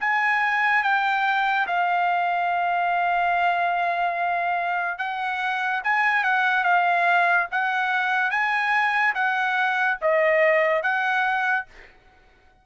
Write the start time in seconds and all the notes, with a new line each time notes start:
0.00 G#5
0.83 G5
1.67 F5
4.98 F#5
5.83 G#5
6.24 F#5
6.64 F5
7.51 F#5
8.30 G#5
9.14 F#5
10.01 D#5
10.83 F#5